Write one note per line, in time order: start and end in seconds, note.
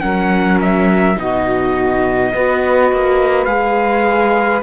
0.00 1.18 F#3
0.00 1.15 C#4
0.00 1.16 A#4
0.00 0.58 F#5
0.61 1.19 E5
1.16 2.33 B2
1.16 2.31 D#4
1.16 2.32 F#4
1.16 3.45 D#5
2.34 2.92 B3
2.34 3.47 F#4
2.34 4.63 B4
2.92 3.46 A#3
3.45 4.62 G#3
3.45 4.63 G#4
3.45 4.60 F5